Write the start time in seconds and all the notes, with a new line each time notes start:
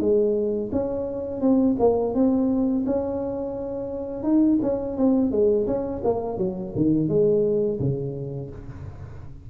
0.00 G#3
0.72 C#4
1.41 C4
1.79 A#3
2.14 C4
2.86 C#4
4.24 D#4
4.62 C#4
4.97 C4
5.31 G#3
5.67 C#4
6.04 A#3
6.38 F#3
6.76 D#3
7.08 G#3
7.80 C#3